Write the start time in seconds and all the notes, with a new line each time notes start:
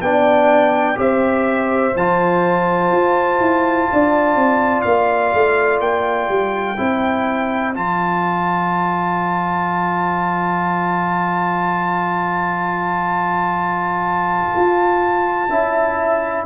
0.00 B3 D4 D5 G5
0.95 C4 G4 C5 E5
1.95 F3 F4 A5
2.91 F4
3.40 E4
3.92 D4 D5
4.35 C4
4.81 A#3 F5
5.33 A3
5.80 A#3 G5
6.29 G3
6.76 C4 E4 C5
7.74 F3 F4 A5
14.55 F4
15.49 C#4 E4 E5